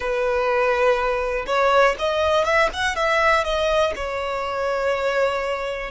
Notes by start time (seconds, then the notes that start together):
0.00 B4
1.46 C#5
1.99 D#5
2.44 E5
2.73 F#5
2.95 E5
3.43 D#5
3.95 C#5